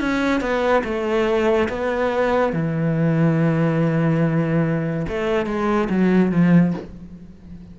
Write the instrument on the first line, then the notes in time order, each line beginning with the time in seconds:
cello
0.00 C#4
0.41 B3
0.84 A3
1.69 B3
2.53 E3
5.09 A3
5.46 G#3
5.90 F#3
6.32 F3